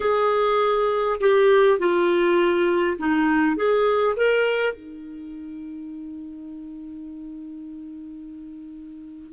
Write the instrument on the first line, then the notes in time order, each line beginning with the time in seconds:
clarinet
0.00 G#4
1.20 G4
1.78 F4
2.98 D#4
3.56 G#4
4.16 A#4
4.73 D#4